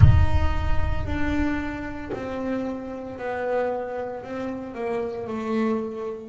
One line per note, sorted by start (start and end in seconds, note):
0.00 1.05 D#4
1.05 2.11 D4
2.13 3.18 C4
3.18 4.23 B3
4.23 4.74 C4
4.74 5.27 A#3
5.27 6.28 A3